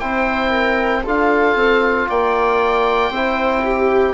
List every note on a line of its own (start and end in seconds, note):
0.00 1.05 C4
0.00 1.04 E4
0.00 0.51 C5
0.00 1.03 G5
0.51 1.02 A#4
1.04 1.55 D4
1.04 3.12 F4
1.04 2.07 A4
1.04 2.09 F5
1.55 2.07 C4
2.09 3.10 A#3
2.09 3.11 D5
2.09 4.14 G5
3.10 4.14 C4
3.10 4.14 E4
3.10 3.62 C5
3.64 4.14 G4